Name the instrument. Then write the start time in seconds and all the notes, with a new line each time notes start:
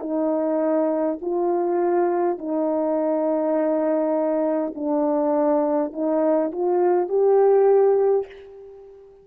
horn
0.00 D#4
1.21 F4
2.37 D#4
4.74 D4
5.92 D#4
6.51 F4
7.08 G4